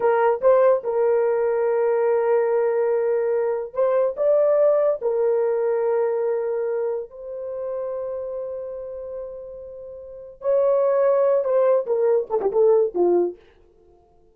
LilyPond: \new Staff \with { instrumentName = "horn" } { \time 4/4 \tempo 4 = 144 ais'4 c''4 ais'2~ | ais'1~ | ais'4 c''4 d''2 | ais'1~ |
ais'4 c''2.~ | c''1~ | c''4 cis''2~ cis''8 c''8~ | c''8 ais'4 a'16 g'16 a'4 f'4 | }